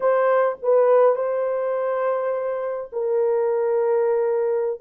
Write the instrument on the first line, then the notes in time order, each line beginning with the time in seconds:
horn
0.00 C5
0.62 B4
1.15 C5
2.92 A#4